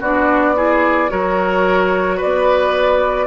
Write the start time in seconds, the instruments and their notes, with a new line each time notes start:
0.00 bassoon B3, clarinet D4, oboe F#4, flute D5
0.56 clarinet E4, oboe G#4
1.09 bassoon F#3, clarinet F#4, oboe A#4, flute C#5
2.17 oboe B4, flute D5
2.24 bassoon B3